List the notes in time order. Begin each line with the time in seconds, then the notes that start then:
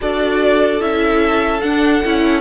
0.00 D4 F#4 A4 D5
0.80 C#4 E4 E5
1.60 D4 F#5
2.04 C#4 E4